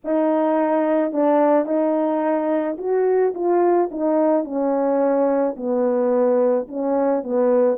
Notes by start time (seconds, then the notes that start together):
0.04 D#4
1.12 D4
1.65 D#4
2.78 F#4
3.34 F4
3.91 D#4
4.44 C#4
5.56 B3
6.68 C#4
7.23 B3